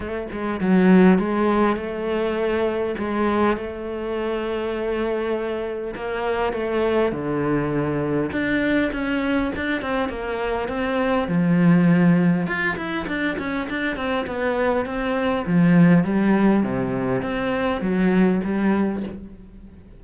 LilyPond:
\new Staff \with { instrumentName = "cello" } { \time 4/4 \tempo 4 = 101 a8 gis8 fis4 gis4 a4~ | a4 gis4 a2~ | a2 ais4 a4 | d2 d'4 cis'4 |
d'8 c'8 ais4 c'4 f4~ | f4 f'8 e'8 d'8 cis'8 d'8 c'8 | b4 c'4 f4 g4 | c4 c'4 fis4 g4 | }